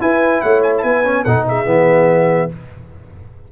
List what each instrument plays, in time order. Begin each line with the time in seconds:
0.00 trombone E4, tuba E4, horn B4, trumpet G#5
0.41 tuba A3, horn C#5, trumpet F#5
0.62 trumpet G#5
0.77 tuba B3, horn B4, trumpet G#5 A5
1.04 trombone C#4
1.24 tuba B2, trombone D#4, horn A4, trumpet F#5
1.47 horn G#4, trumpet E5
1.65 tuba E3, trombone B3